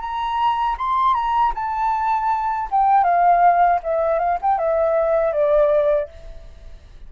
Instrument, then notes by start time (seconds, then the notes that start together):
flute
0.00 A#5
0.78 C6
1.14 A#5
1.54 A5
2.71 G5
3.03 F5
3.83 E5
4.19 F5
4.42 G5
4.58 E5
5.32 D5